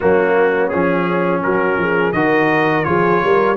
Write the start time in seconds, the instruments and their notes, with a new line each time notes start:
0.00 tuba F#3, trombone A#3, horn C#4, trumpet F#4
0.69 tuba F3, trombone C#4, trumpet G#4
1.42 tuba F#3, horn F#4, trumpet A#4
1.77 tuba F3, horn G#4
2.12 tuba D#3, trombone F#4, horn A#4, trumpet D#5
2.84 tuba F3, trombone F4, horn G#4, trumpet C#5
3.24 tuba G3, horn A#4